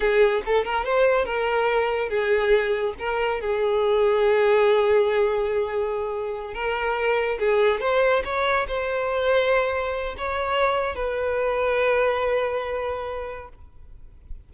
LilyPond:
\new Staff \with { instrumentName = "violin" } { \time 4/4 \tempo 4 = 142 gis'4 a'8 ais'8 c''4 ais'4~ | ais'4 gis'2 ais'4 | gis'1~ | gis'2.~ gis'8 ais'8~ |
ais'4. gis'4 c''4 cis''8~ | cis''8 c''2.~ c''8 | cis''2 b'2~ | b'1 | }